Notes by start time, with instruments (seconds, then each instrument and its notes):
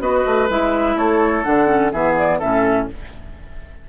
0.00 bassoon B3, clarinet F#4, oboe B4, flute D#5
0.25 bassoon A3
0.49 bassoon G#3, clarinet E4, flute E5
0.95 bassoon A3, oboe A4, flute C#5
1.44 bassoon D3, clarinet D4, flute F#5
1.67 clarinet C#4
1.92 bassoon E3, clarinet B3, oboe G#4, flute E5
2.18 flute D5
2.39 bassoon A2, clarinet C#4, oboe A4, flute E5